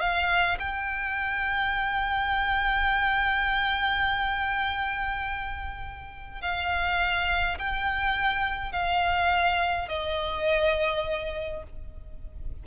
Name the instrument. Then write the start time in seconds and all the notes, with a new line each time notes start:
violin
0.00 F5
0.60 G5
6.42 F5
7.58 G5
8.72 F5
9.89 D#5